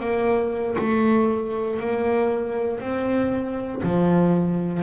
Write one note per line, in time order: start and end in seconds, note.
0.00 0.76 A#3
0.78 1.80 A3
1.80 2.80 A#3
2.80 3.82 C4
3.83 4.83 F3